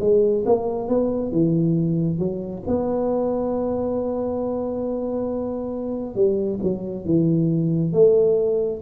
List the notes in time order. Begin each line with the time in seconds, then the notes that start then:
0.00 G#3
0.46 A#3
0.89 B3
1.32 E3
2.19 F#3
2.67 B3
6.15 G3
6.63 F#3
7.05 E3
7.93 A3